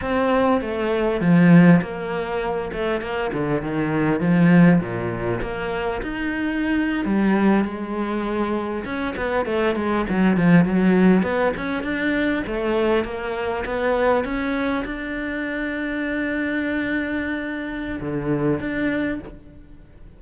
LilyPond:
\new Staff \with { instrumentName = "cello" } { \time 4/4 \tempo 4 = 100 c'4 a4 f4 ais4~ | ais8 a8 ais8 d8 dis4 f4 | ais,4 ais4 dis'4.~ dis'16 g16~ | g8. gis2 cis'8 b8 a16~ |
a16 gis8 fis8 f8 fis4 b8 cis'8 d'16~ | d'8. a4 ais4 b4 cis'16~ | cis'8. d'2.~ d'16~ | d'2 d4 d'4 | }